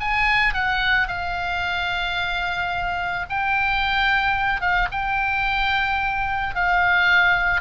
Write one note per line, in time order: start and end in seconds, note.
0.00 0.53 G#5
0.53 1.08 F#5
1.08 3.26 F5
3.29 4.61 G5
4.61 4.88 F5
4.91 6.55 G5
6.55 7.61 F5